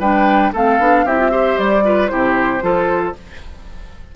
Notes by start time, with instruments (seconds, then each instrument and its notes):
0.00 bassoon G3, clarinet D4, oboe B4, flute G5
0.53 bassoon A3, clarinet C4, oboe A4, flute F5
0.79 bassoon B3, clarinet D4
1.05 bassoon C4, clarinet E4, oboe G4, flute E5
1.18 clarinet F4
1.31 clarinet G4, oboe C5
1.58 bassoon G3, flute D5
1.84 clarinet F4, oboe B4
2.08 bassoon C3, clarinet E4, oboe G4, flute C5
2.61 bassoon F3, clarinet F4, oboe A4